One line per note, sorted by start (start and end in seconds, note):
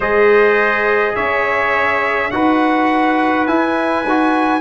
0.00 1.15 G#3
0.00 2.31 G#4
0.00 1.14 C5
0.00 1.15 D#5
1.15 2.31 C#4
1.15 2.31 C#5
1.15 2.30 E5
2.30 3.47 D#4
2.30 3.47 F#4
2.30 4.60 B4
2.30 3.46 F#5
3.46 4.04 E4
3.46 4.03 E4
3.46 4.60 G#5
4.03 4.60 D#4
4.03 4.60 F#4